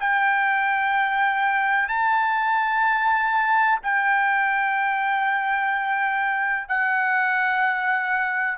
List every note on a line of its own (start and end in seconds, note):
0.00 1.89 G5
1.89 3.79 A5
3.83 6.68 G5
6.68 8.58 F#5